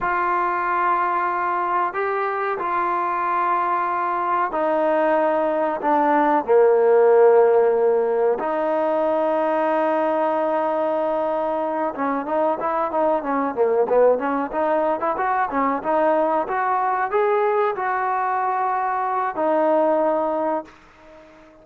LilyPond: \new Staff \with { instrumentName = "trombone" } { \time 4/4 \tempo 4 = 93 f'2. g'4 | f'2. dis'4~ | dis'4 d'4 ais2~ | ais4 dis'2.~ |
dis'2~ dis'8 cis'8 dis'8 e'8 | dis'8 cis'8 ais8 b8 cis'8 dis'8. e'16 fis'8 | cis'8 dis'4 fis'4 gis'4 fis'8~ | fis'2 dis'2 | }